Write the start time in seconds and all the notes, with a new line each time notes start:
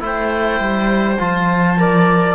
0.00 A3 E4 C5
0.06 G5
0.60 G3
1.19 F3 F4 A5
1.78 A#4 D5